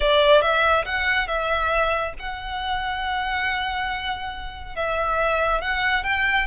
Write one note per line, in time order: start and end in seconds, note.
0.00 0.41 D5
0.41 0.84 E5
0.85 1.27 F#5
1.27 2.13 E5
2.19 4.75 F#5
4.75 5.61 E5
5.61 6.03 F#5
6.03 6.46 G5